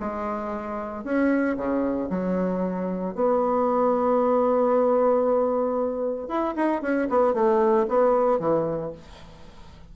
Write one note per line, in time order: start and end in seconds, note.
0.00 1.05 G#3
1.05 1.57 C#4
1.57 2.10 C#3
2.10 3.15 F#3
3.15 6.29 B3
6.29 6.55 E4
6.56 6.82 D#4
6.82 7.09 C#4
7.10 7.34 B3
7.34 7.87 A3
7.89 8.40 B3
8.40 8.93 E3